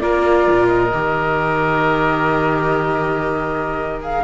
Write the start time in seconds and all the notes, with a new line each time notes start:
0.00 A#3 F4 A#4 D5
0.51 A#2
0.68 D#5
0.94 D#3 G4
4.02 G#4 F5